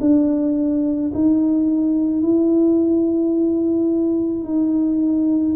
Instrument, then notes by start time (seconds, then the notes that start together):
tuba
0.00 D4
1.14 D#4
2.22 E4
4.44 D#4